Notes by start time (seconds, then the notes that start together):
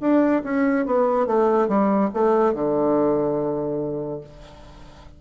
0.00 D4
0.44 C#4
0.85 B3
1.26 A3
1.68 G3
2.13 A3
2.54 D3